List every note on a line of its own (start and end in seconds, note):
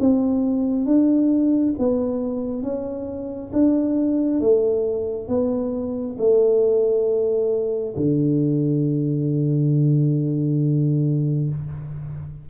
0.00 0.85 C4
0.85 1.74 D4
1.78 2.63 B3
2.63 3.51 C#4
3.53 4.40 D4
4.40 5.28 A3
5.28 6.16 B3
6.18 7.95 A3
7.97 11.49 D3